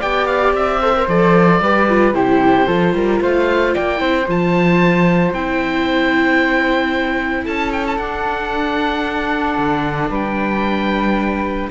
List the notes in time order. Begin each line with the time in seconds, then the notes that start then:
0.00 B3 G4 D5 G5
0.26 F5
0.53 C4 E5
0.82 A4 C5
0.95 A#4
1.08 F3 A4 D5
1.61 G3 G4 B4
1.89 F4
2.13 C3 E4 G4 C5
2.67 F3 F4 A4
2.93 G3 A#4
3.21 A3 C5 F5
3.75 A#3 D5 G5
3.97 C4 E4 C5
4.28 F3 F4 A5
5.33 C4 E4 G5
7.45 C#4 A4 A5
7.72 G5
7.87 A5
7.97 D4 F#5
9.58 D3
10.10 G3 B4 G5